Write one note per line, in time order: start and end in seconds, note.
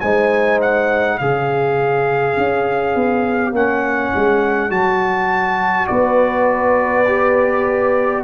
0.00 1.20 G#3
0.00 1.20 D#4
0.00 1.19 C5
0.00 0.59 G#5
0.61 1.18 F#5
1.18 2.36 C#3
1.18 3.54 G#4
1.18 5.89 C#5
1.18 3.53 F5
2.36 2.95 C#4
2.95 3.52 B3
3.52 4.11 A#3
3.52 4.70 C#4
3.52 4.71 F#5
4.15 4.70 G#3
4.70 5.88 F#3
4.70 7.05 F#4
4.70 5.87 A5
5.87 8.24 B3
5.87 8.24 B4
5.87 8.22 D5
7.07 8.24 G4